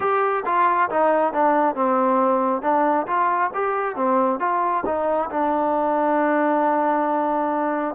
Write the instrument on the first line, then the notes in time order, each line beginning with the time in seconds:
trombone
0.00 G4
0.45 F4
0.89 D#4
1.33 D4
1.75 C4
2.62 D4
3.06 F4
3.53 G4
3.95 C4
4.39 F4
4.85 D#4
5.30 D4